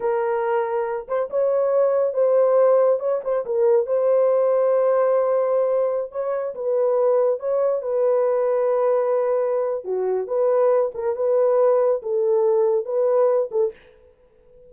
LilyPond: \new Staff \with { instrumentName = "horn" } { \time 4/4 \tempo 4 = 140 ais'2~ ais'8 c''8 cis''4~ | cis''4 c''2 cis''8 c''8 | ais'4 c''2.~ | c''2~ c''16 cis''4 b'8.~ |
b'4~ b'16 cis''4 b'4.~ b'16~ | b'2. fis'4 | b'4. ais'8 b'2 | a'2 b'4. a'8 | }